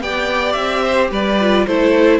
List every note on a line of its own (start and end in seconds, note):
0.00 0.55 B3
0.00 1.40 G4
0.00 0.83 D5
0.00 0.52 G5
0.52 1.11 C4
0.52 1.07 E5
0.83 1.10 C5
1.11 1.66 G3
1.11 1.66 B4
1.11 1.66 D5
1.40 1.68 F4
1.66 2.20 A3
1.66 2.20 E4
1.66 2.20 A4
1.66 2.20 C5